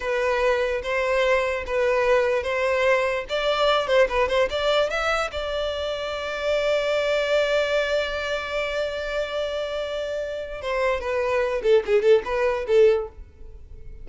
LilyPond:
\new Staff \with { instrumentName = "violin" } { \time 4/4 \tempo 4 = 147 b'2 c''2 | b'2 c''2 | d''4. c''8 b'8 c''8 d''4 | e''4 d''2.~ |
d''1~ | d''1~ | d''2 c''4 b'4~ | b'8 a'8 gis'8 a'8 b'4 a'4 | }